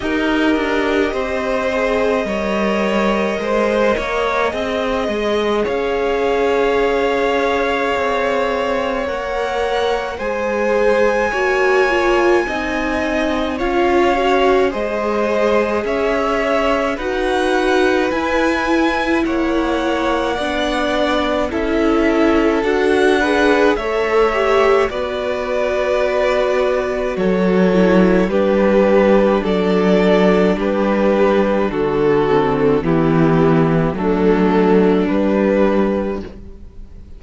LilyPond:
<<
  \new Staff \with { instrumentName = "violin" } { \time 4/4 \tempo 4 = 53 dis''1~ | dis''4 f''2. | fis''4 gis''2. | f''4 dis''4 e''4 fis''4 |
gis''4 fis''2 e''4 | fis''4 e''4 d''2 | cis''4 b'4 d''4 b'4 | a'4 g'4 a'4 b'4 | }
  \new Staff \with { instrumentName = "violin" } { \time 4/4 ais'4 c''4 cis''4 c''8 cis''8 | dis''4 cis''2.~ | cis''4 c''4 cis''4 dis''4 | cis''4 c''4 cis''4 b'4~ |
b'4 cis''4 d''4 a'4~ | a'8 b'8 cis''4 b'2 | a'4 g'4 a'4 g'4 | fis'4 e'4 d'2 | }
  \new Staff \with { instrumentName = "viola" } { \time 4/4 g'4. gis'8 ais'2 | gis'1 | ais'4 gis'4 fis'8 f'8 dis'4 | f'8 fis'8 gis'2 fis'4 |
e'2 d'4 e'4 | fis'8 gis'8 a'8 g'8 fis'2~ | fis'8 e'8 d'2.~ | d'8 c'8 b4 a4 g4 | }
  \new Staff \with { instrumentName = "cello" } { \time 4/4 dis'8 d'8 c'4 g4 gis8 ais8 | c'8 gis8 cis'2 c'4 | ais4 gis4 ais4 c'4 | cis'4 gis4 cis'4 dis'4 |
e'4 ais4 b4 cis'4 | d'4 a4 b2 | fis4 g4 fis4 g4 | d4 e4 fis4 g4 | }
>>